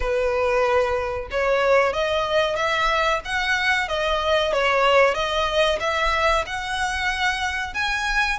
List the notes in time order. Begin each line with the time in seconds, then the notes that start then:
0.00 B4
1.30 C#5
1.93 D#5
2.56 E5
3.25 F#5
3.88 D#5
4.52 C#5
5.14 D#5
5.80 E5
6.46 F#5
7.74 G#5